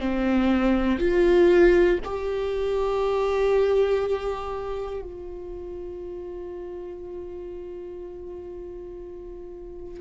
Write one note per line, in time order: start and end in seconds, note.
0.00 0.99 C4
0.99 1.99 F4
2.05 5.02 G4
5.02 10.01 F4